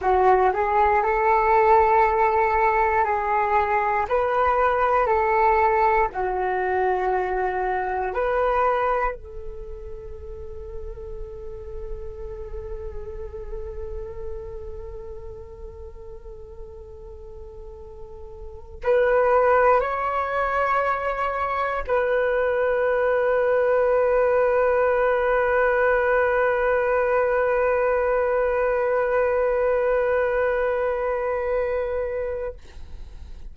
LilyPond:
\new Staff \with { instrumentName = "flute" } { \time 4/4 \tempo 4 = 59 fis'8 gis'8 a'2 gis'4 | b'4 a'4 fis'2 | b'4 a'2.~ | a'1~ |
a'2~ a'8 b'4 cis''8~ | cis''4. b'2~ b'8~ | b'1~ | b'1 | }